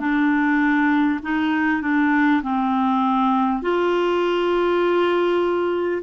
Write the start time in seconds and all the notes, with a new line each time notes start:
0.00 D4
1.22 D#4
1.82 D4
2.42 C4
3.62 F4